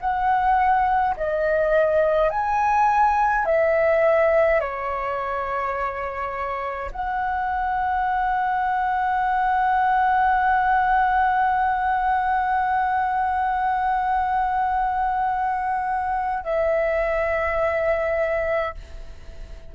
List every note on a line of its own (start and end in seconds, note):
0.00 1.15 F#5
1.16 2.30 D#5
2.30 3.45 G#5
3.45 4.60 E5
4.60 6.91 C#5
6.91 16.43 F#5
16.43 18.74 E5